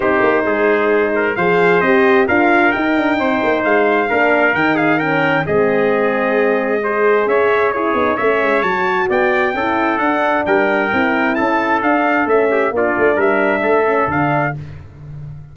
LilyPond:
<<
  \new Staff \with { instrumentName = "trumpet" } { \time 4/4 \tempo 4 = 132 c''2. f''4 | dis''4 f''4 g''2 | f''2 g''8 f''8 g''4 | dis''1 |
e''4 cis''4 e''4 a''4 | g''2 fis''4 g''4~ | g''4 a''4 f''4 e''4 | d''4 e''2 f''4 | }
  \new Staff \with { instrumentName = "trumpet" } { \time 4/4 g'4 gis'4. ais'8 c''4~ | c''4 ais'2 c''4~ | c''4 ais'4. gis'8 ais'4 | gis'2. c''4 |
cis''4 gis'4 cis''2 | d''4 a'2 ais'4~ | ais'4 a'2~ a'8 g'8 | f'4 ais'4 a'2 | }
  \new Staff \with { instrumentName = "horn" } { \time 4/4 dis'2. gis'4 | g'4 f'4 dis'2~ | dis'4 d'4 dis'4 cis'4 | c'2. gis'4~ |
gis'4 e'8 dis'8 cis'4 fis'4~ | fis'4 e'4 d'2 | e'2 d'4 cis'4 | d'2~ d'8 cis'8 d'4 | }
  \new Staff \with { instrumentName = "tuba" } { \time 4/4 c'8 ais8 gis2 f4 | c'4 d'4 dis'8 d'8 c'8 ais8 | gis4 ais4 dis2 | gis1 |
cis'4. b8 a8 gis8 fis4 | b4 cis'4 d'4 g4 | c'4 cis'4 d'4 a4 | ais8 a8 g4 a4 d4 | }
>>